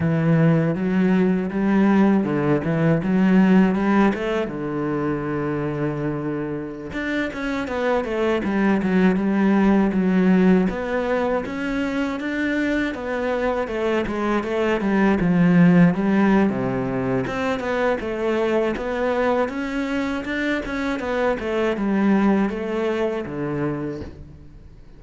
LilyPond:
\new Staff \with { instrumentName = "cello" } { \time 4/4 \tempo 4 = 80 e4 fis4 g4 d8 e8 | fis4 g8 a8 d2~ | d4~ d16 d'8 cis'8 b8 a8 g8 fis16~ | fis16 g4 fis4 b4 cis'8.~ |
cis'16 d'4 b4 a8 gis8 a8 g16~ | g16 f4 g8. c4 c'8 b8 | a4 b4 cis'4 d'8 cis'8 | b8 a8 g4 a4 d4 | }